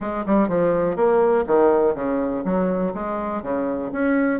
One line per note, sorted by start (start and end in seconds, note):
0.00 0.25 G#3
0.25 0.48 G3
0.48 0.96 F3
0.96 1.45 A#3
1.46 1.94 D#3
1.94 2.43 C#3
2.44 2.93 F#3
2.94 3.42 G#3
3.42 3.91 C#3
3.92 4.40 C#4